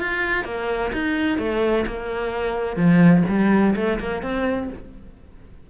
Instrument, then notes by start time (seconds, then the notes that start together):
cello
0.00 F4
0.45 A#3
0.93 D#4
1.39 A3
1.87 A#3
2.77 F3
3.29 G3
3.76 A3
4.00 A#3
4.23 C4